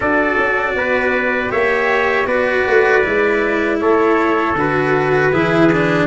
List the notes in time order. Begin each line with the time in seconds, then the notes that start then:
0.00 D4 F#4 A4 D5
0.37 C#4
0.74 B3 B4
1.49 A#3 G4 C#5 E5
2.26 B3 F#4 B4 D5
2.67 A3
3.03 G#3 E4
3.80 A3 A4 C#5
4.54 D3 F#4 B4
5.32 E3 E4 G#4
5.72 D4